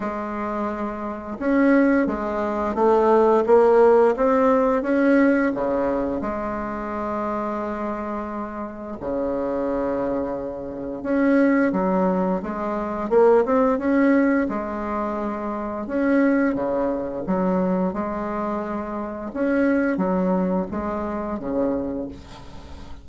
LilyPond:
\new Staff \with { instrumentName = "bassoon" } { \time 4/4 \tempo 4 = 87 gis2 cis'4 gis4 | a4 ais4 c'4 cis'4 | cis4 gis2.~ | gis4 cis2. |
cis'4 fis4 gis4 ais8 c'8 | cis'4 gis2 cis'4 | cis4 fis4 gis2 | cis'4 fis4 gis4 cis4 | }